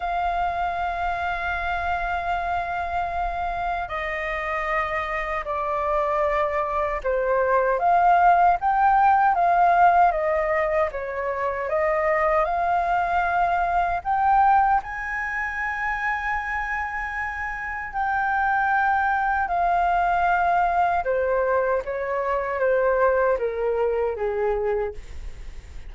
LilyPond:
\new Staff \with { instrumentName = "flute" } { \time 4/4 \tempo 4 = 77 f''1~ | f''4 dis''2 d''4~ | d''4 c''4 f''4 g''4 | f''4 dis''4 cis''4 dis''4 |
f''2 g''4 gis''4~ | gis''2. g''4~ | g''4 f''2 c''4 | cis''4 c''4 ais'4 gis'4 | }